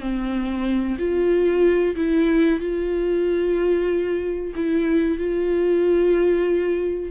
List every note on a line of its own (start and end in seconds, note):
0.00 0.97 C4
0.99 1.95 F4
1.96 2.60 E4
2.60 4.53 F4
4.55 5.18 E4
5.18 7.11 F4